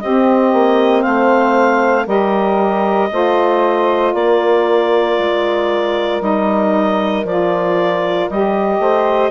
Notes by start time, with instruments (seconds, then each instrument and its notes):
0.00 saxophone C4 G4, bassoon C4, clarinet D#5
0.53 bassoon A#3
1.02 bassoon A3, saxophone C5, clarinet F5
2.06 bassoon G3, saxophone G4 A#4, clarinet D#5
3.11 bassoon A3, saxophone F4 C5
4.14 bassoon A#3, saxophone A#4, clarinet D5
5.18 bassoon G#3
6.21 bassoon G3, saxophone D#4, clarinet D#5
7.24 bassoon F3, saxophone F4, clarinet D5
8.29 bassoon G3, saxophone G4, clarinet D#5
8.79 bassoon A3, saxophone C5